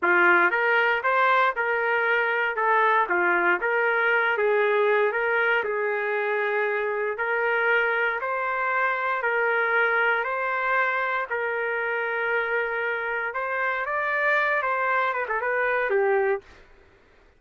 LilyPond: \new Staff \with { instrumentName = "trumpet" } { \time 4/4 \tempo 4 = 117 f'4 ais'4 c''4 ais'4~ | ais'4 a'4 f'4 ais'4~ | ais'8 gis'4. ais'4 gis'4~ | gis'2 ais'2 |
c''2 ais'2 | c''2 ais'2~ | ais'2 c''4 d''4~ | d''8 c''4 b'16 a'16 b'4 g'4 | }